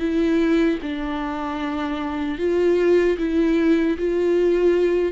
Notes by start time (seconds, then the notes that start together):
0.00 E4
0.83 D4
2.39 F4
3.19 E4
3.98 F4